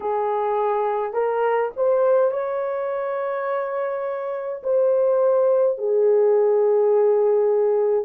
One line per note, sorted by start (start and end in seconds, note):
0.00 1.13 G#4
1.13 1.70 A#4
1.76 2.31 C5
2.31 4.62 C#5
4.63 5.77 C5
5.77 8.05 G#4